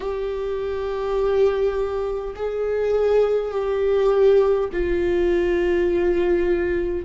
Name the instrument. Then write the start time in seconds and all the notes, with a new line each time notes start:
viola
0.00 G4
2.35 G#4
3.51 G4
4.72 F4